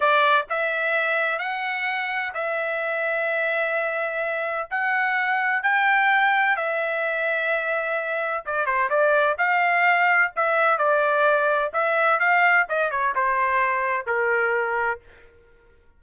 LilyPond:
\new Staff \with { instrumentName = "trumpet" } { \time 4/4 \tempo 4 = 128 d''4 e''2 fis''4~ | fis''4 e''2.~ | e''2 fis''2 | g''2 e''2~ |
e''2 d''8 c''8 d''4 | f''2 e''4 d''4~ | d''4 e''4 f''4 dis''8 cis''8 | c''2 ais'2 | }